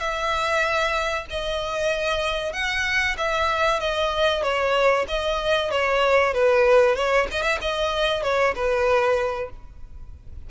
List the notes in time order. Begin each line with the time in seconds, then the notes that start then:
0.00 E5
1.30 D#5
2.53 F#5
3.18 E5
3.80 D#5
4.43 C#5
5.08 D#5
5.71 C#5
6.34 B4
6.96 C#5
7.31 D#5
7.43 E5
7.61 D#5
8.23 C#5
8.55 B4